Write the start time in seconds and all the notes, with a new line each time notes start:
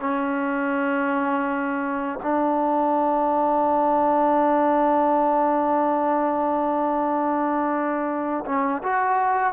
0.00 C#4
2.23 D4
8.46 C#4
8.83 F#4